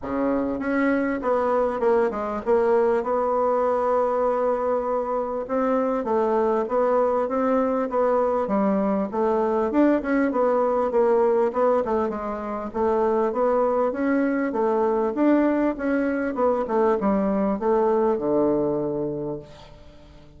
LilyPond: \new Staff \with { instrumentName = "bassoon" } { \time 4/4 \tempo 4 = 99 cis4 cis'4 b4 ais8 gis8 | ais4 b2.~ | b4 c'4 a4 b4 | c'4 b4 g4 a4 |
d'8 cis'8 b4 ais4 b8 a8 | gis4 a4 b4 cis'4 | a4 d'4 cis'4 b8 a8 | g4 a4 d2 | }